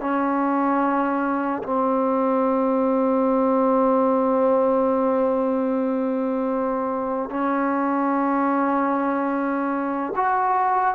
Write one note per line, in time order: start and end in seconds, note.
0.00 1.62 C#4
1.63 7.29 C4
7.29 10.13 C#4
10.15 10.94 F#4